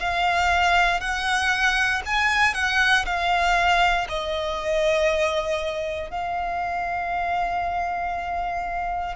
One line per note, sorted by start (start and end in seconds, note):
0.00 1.01 F5
1.01 2.02 F#5
2.06 2.55 G#5
2.55 3.06 F#5
3.06 4.08 F5
4.09 6.11 D#5
6.11 9.16 F5